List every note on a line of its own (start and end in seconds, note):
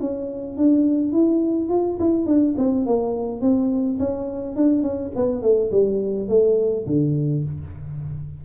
0.00 0.57 C#4
0.57 1.13 D4
1.13 1.69 E4
1.69 1.98 F4
2.00 2.26 E4
2.26 2.55 D4
2.58 2.86 C4
2.86 3.42 A#3
3.42 3.99 C4
3.99 4.56 C#4
4.56 4.82 D4
4.82 5.11 C#4
5.16 5.42 B3
5.42 5.71 A3
5.71 6.28 G3
6.29 6.86 A3
6.86 7.44 D3